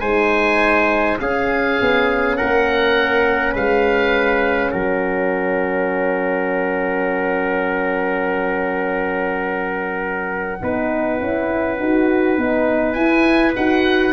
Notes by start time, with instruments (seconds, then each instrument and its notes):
0.00 tuba G#3, horn D#4, trumpet C5, oboe G#5
1.20 tuba C#4, horn C#4, trumpet G#4, oboe F5
1.81 tuba B3
2.36 tuba A#3, trumpet A#4, oboe F#5
3.52 tuba G#3, trumpet B4, oboe F5
4.71 tuba F#3, trumpet A#4, oboe F#5
10.61 tuba B3, horn D#4, trumpet B4
11.19 tuba C#4, horn E4
11.79 tuba D#4, horn F#4
12.37 tuba B3, horn D#4
12.93 horn E4, tuba E4, oboe G#5
13.56 tuba D#4, horn F#4, oboe F#5